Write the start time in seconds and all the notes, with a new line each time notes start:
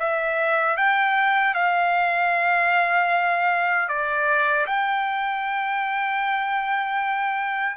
0.00 E5
0.77 G5
1.55 F5
3.89 D5
4.67 G5